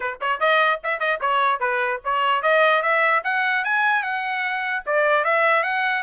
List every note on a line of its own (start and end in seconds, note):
0.00 0.17 B4
0.20 0.40 C#5
0.40 0.80 D#5
0.83 0.99 E5
0.99 1.19 D#5
1.20 1.60 C#5
1.60 2.00 B4
2.04 2.42 C#5
2.42 2.82 D#5
2.82 3.22 E5
3.24 3.64 F#5
3.64 4.02 G#5
4.02 4.83 F#5
4.85 5.24 D5
5.24 5.63 E5
5.63 6.02 F#5